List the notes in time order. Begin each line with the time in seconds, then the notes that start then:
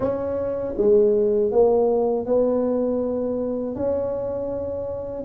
0.00 C#4
0.77 G#3
1.51 A#3
2.26 B3
3.75 C#4